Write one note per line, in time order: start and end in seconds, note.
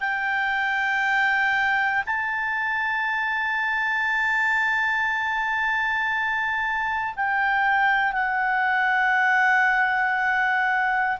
0.00 2.03 G5
2.06 7.14 A5
7.16 8.12 G5
8.12 11.17 F#5